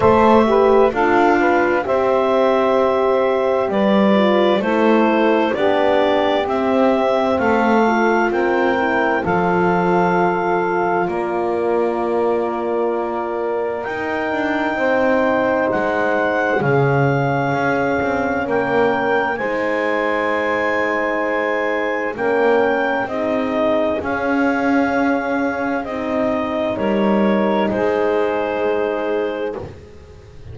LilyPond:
<<
  \new Staff \with { instrumentName = "clarinet" } { \time 4/4 \tempo 4 = 65 e''4 f''4 e''2 | d''4 c''4 d''4 e''4 | f''4 g''4 f''2 | d''2. g''4~ |
g''4 fis''4 f''2 | g''4 gis''2. | g''4 dis''4 f''2 | dis''4 cis''4 c''2 | }
  \new Staff \with { instrumentName = "saxophone" } { \time 4/4 c''8 b'8 a'8 b'8 c''2 | b'4 a'4 g'2 | a'4 ais'4 a'2 | ais'1 |
c''2 gis'2 | ais'4 c''2. | ais'4 gis'2.~ | gis'4 ais'4 gis'2 | }
  \new Staff \with { instrumentName = "horn" } { \time 4/4 a'8 g'8 f'4 g'2~ | g'8 f'8 e'4 d'4 c'4~ | c'8 f'4 e'8 f'2~ | f'2. dis'4~ |
dis'2 cis'2~ | cis'4 dis'2. | cis'4 dis'4 cis'2 | dis'1 | }
  \new Staff \with { instrumentName = "double bass" } { \time 4/4 a4 d'4 c'2 | g4 a4 b4 c'4 | a4 c'4 f2 | ais2. dis'8 d'8 |
c'4 gis4 cis4 cis'8 c'8 | ais4 gis2. | ais4 c'4 cis'2 | c'4 g4 gis2 | }
>>